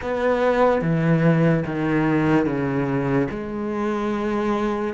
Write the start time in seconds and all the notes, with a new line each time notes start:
0.01 B3
0.81 E3
1.66 D#3
2.45 C#3
3.30 G#3